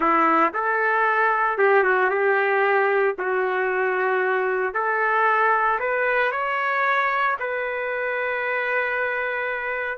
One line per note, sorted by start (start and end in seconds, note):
0.00 0.52 E4
0.53 1.58 A4
1.58 1.83 G4
1.83 2.10 F#4
2.10 3.15 G4
3.18 4.73 F#4
4.73 5.79 A4
5.79 6.31 B4
6.31 7.37 C#5
7.39 9.98 B4